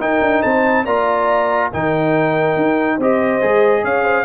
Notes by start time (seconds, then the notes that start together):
0.00 D#4 A#4 G5
0.22 D4
0.43 C4 C5 A5
0.85 A#3 F4 D5 A#5
1.73 D#3 D#4 A#4 G5
2.57 D#4
2.97 C4 G4 C5 D#5
3.42 G#3 G#4
3.84 C#4 C#5 F5
4.04 C5